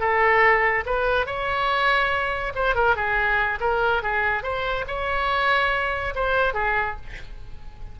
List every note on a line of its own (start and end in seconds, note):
0.00 0.85 A4
0.86 1.27 B4
1.27 2.53 C#5
2.55 2.75 C5
2.75 2.96 A#4
2.96 3.59 G#4
3.61 4.03 A#4
4.03 4.43 G#4
4.43 4.85 C5
4.88 6.14 C#5
6.15 6.54 C5
6.54 6.96 G#4